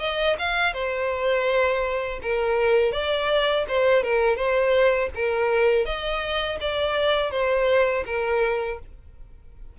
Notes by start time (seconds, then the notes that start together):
0.00 D#5
0.39 F5
0.74 C5
2.23 A#4
2.92 D5
3.69 C5
4.03 A#4
4.36 C5
5.15 A#4
5.86 D#5
6.61 D5
7.31 C5
8.06 A#4